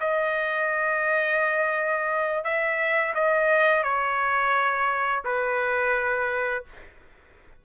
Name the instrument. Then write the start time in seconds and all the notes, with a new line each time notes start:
trumpet
0.00 D#5
2.44 E5
3.15 D#5
3.83 C#5
5.24 B4